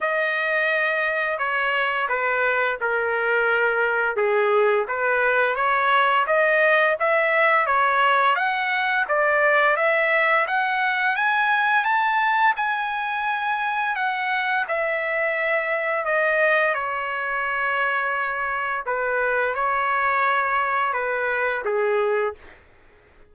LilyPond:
\new Staff \with { instrumentName = "trumpet" } { \time 4/4 \tempo 4 = 86 dis''2 cis''4 b'4 | ais'2 gis'4 b'4 | cis''4 dis''4 e''4 cis''4 | fis''4 d''4 e''4 fis''4 |
gis''4 a''4 gis''2 | fis''4 e''2 dis''4 | cis''2. b'4 | cis''2 b'4 gis'4 | }